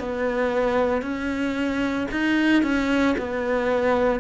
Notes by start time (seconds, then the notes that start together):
0.00 B3
1.02 C#4
2.12 D#4
2.63 C#4
3.19 B3